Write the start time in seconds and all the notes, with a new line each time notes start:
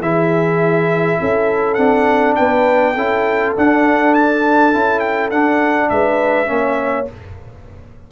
0.00 E3 E4 G#4 E5
1.20 C#4 A4
1.74 C4 D4 F#5
2.35 B3 B4 G5
2.94 C#4 E4 A4
3.56 D4 F#5
4.14 A5
4.73 C#4 E4
5.00 G5
5.31 D4 F#5
5.89 G#3 B4 E5
6.46 A#3 C#4
6.53 C#5